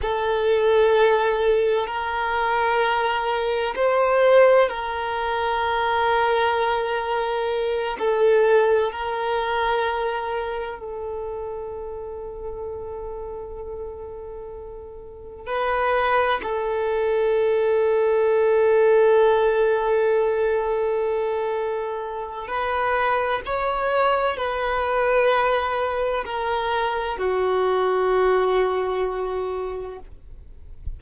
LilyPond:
\new Staff \with { instrumentName = "violin" } { \time 4/4 \tempo 4 = 64 a'2 ais'2 | c''4 ais'2.~ | ais'8 a'4 ais'2 a'8~ | a'1~ |
a'8 b'4 a'2~ a'8~ | a'1 | b'4 cis''4 b'2 | ais'4 fis'2. | }